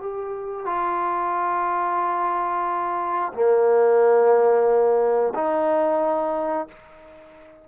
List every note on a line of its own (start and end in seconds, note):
0.00 0.66 G4
0.66 3.33 F4
3.34 5.34 A#3
5.35 6.68 D#4